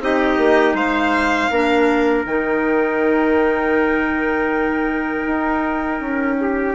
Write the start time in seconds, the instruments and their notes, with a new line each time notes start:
0.00 bassoon C4, clarinet D#4, trumpet G4, violin D#5
0.38 bassoon A#3
0.74 bassoon G#3, trumpet C5, violin F5
1.50 bassoon A#3, clarinet D4, trumpet A#4
2.25 bassoon D#3, clarinet D#4, violin G5
5.26 bassoon D#4
6.00 bassoon C#4
6.41 trumpet G4